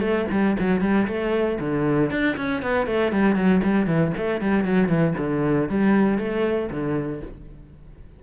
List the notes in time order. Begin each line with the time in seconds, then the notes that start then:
0.00 A3
0.31 G3
0.59 F#3
0.81 G3
1.07 A3
1.60 D3
2.10 D4
2.36 C#4
2.62 B3
2.86 A3
3.12 G3
3.35 F#3
3.63 G3
3.86 E3
4.17 A3
4.41 G3
4.64 F#3
4.88 E3
5.17 D3
5.69 G3
6.18 A3
6.70 D3